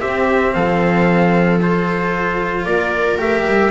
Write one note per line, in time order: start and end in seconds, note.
0.00 1.61 C4
0.00 0.55 C4
0.00 0.53 G4
0.00 0.54 E5
0.54 2.66 F3
0.54 2.67 A4
0.54 1.60 F5
1.62 3.18 F4
1.62 2.65 C5
2.65 3.18 A#3
2.65 3.71 A#4
2.65 3.18 D5
3.18 3.45 A3
3.18 3.71 G4
3.18 3.71 E5
3.46 3.71 G3